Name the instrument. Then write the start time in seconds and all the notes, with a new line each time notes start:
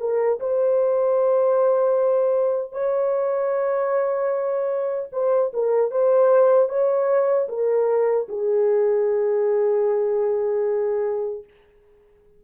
horn
0.00 A#4
0.40 C5
2.73 C#5
5.12 C5
5.54 A#4
5.91 C5
6.69 C#5
7.49 A#4
8.29 G#4